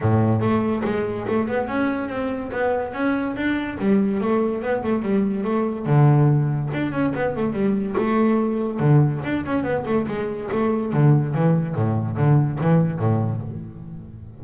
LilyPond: \new Staff \with { instrumentName = "double bass" } { \time 4/4 \tempo 4 = 143 a,4 a4 gis4 a8 b8 | cis'4 c'4 b4 cis'4 | d'4 g4 a4 b8 a8 | g4 a4 d2 |
d'8 cis'8 b8 a8 g4 a4~ | a4 d4 d'8 cis'8 b8 a8 | gis4 a4 d4 e4 | a,4 d4 e4 a,4 | }